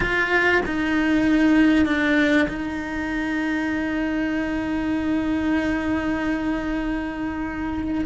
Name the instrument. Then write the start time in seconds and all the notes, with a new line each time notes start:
cello
0.00 F4
0.65 D#4
1.85 D4
2.48 D#4